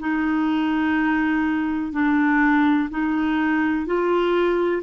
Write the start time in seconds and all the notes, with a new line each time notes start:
0.00 D#4
1.93 D4
2.90 D#4
3.86 F4